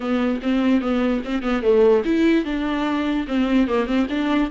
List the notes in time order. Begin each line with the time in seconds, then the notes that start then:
0.00 B3
0.42 C4
0.81 B3
1.24 C4
1.42 B3
1.62 A3
2.04 E4
2.45 D4
3.27 C4
3.67 A#3
3.86 C4
4.09 D4